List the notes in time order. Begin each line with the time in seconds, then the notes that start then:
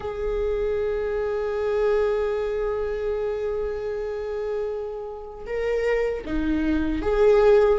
0.00 G#4
5.46 A#4
6.25 D#4
7.02 G#4